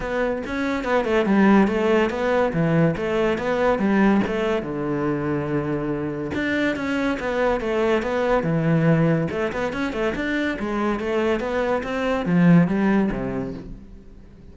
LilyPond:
\new Staff \with { instrumentName = "cello" } { \time 4/4 \tempo 4 = 142 b4 cis'4 b8 a8 g4 | a4 b4 e4 a4 | b4 g4 a4 d4~ | d2. d'4 |
cis'4 b4 a4 b4 | e2 a8 b8 cis'8 a8 | d'4 gis4 a4 b4 | c'4 f4 g4 c4 | }